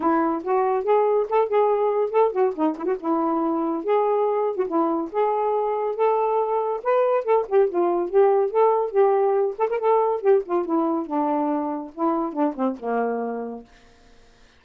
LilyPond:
\new Staff \with { instrumentName = "saxophone" } { \time 4/4 \tempo 4 = 141 e'4 fis'4 gis'4 a'8 gis'8~ | gis'4 a'8 fis'8 dis'8 e'16 fis'16 e'4~ | e'4 gis'4.~ gis'16 fis'16 e'4 | gis'2 a'2 |
b'4 a'8 g'8 f'4 g'4 | a'4 g'4. a'16 ais'16 a'4 | g'8 f'8 e'4 d'2 | e'4 d'8 c'8 ais2 | }